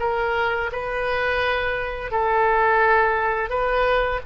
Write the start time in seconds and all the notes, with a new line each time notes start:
0.00 A#4
0.72 B4
2.11 A4
3.50 B4